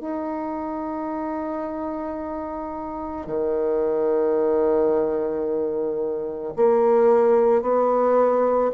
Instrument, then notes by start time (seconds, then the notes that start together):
bassoon
0.00 D#4
3.26 D#3
6.56 A#3
7.62 B3